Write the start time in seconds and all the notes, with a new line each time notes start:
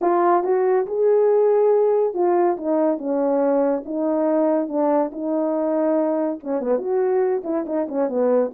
0.01 F4
0.43 F#4
0.86 G#4
2.14 F4
2.57 D#4
2.98 C#4
3.85 D#4
4.68 D4
5.12 D#4
6.43 C#4
6.60 B3
6.78 F#4
7.44 E4
7.66 D#4
7.88 C#4
8.08 B3